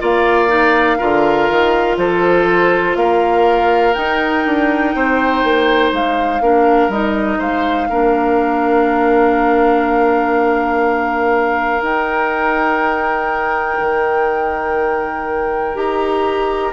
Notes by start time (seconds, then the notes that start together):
0.00 A#3 F4 D5 F5
0.49 D#4
0.98 D3 F4 A#4
1.50 D#3
1.97 F3 A4 C5
2.96 A#3 A#4 F5
3.94 D#4 G5
4.46 D4
4.95 C4 C5
5.44 A#3
5.92 G#3 F5
6.41 A#3 D4 A#4
6.89 G3 D#4 D#5
7.39 G#3 C5 F5
7.89 A#3 D4 A#4
11.82 D#4 G5
13.80 D#3
15.75 D#4 G4 A#5